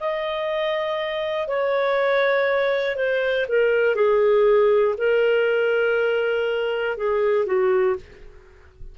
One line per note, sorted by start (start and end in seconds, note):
0.00 1.47 D#5
1.47 2.96 C#5
2.96 3.46 C5
3.48 3.95 A#4
3.95 4.95 G#4
4.98 6.97 A#4
6.97 7.46 G#4
7.46 7.96 F#4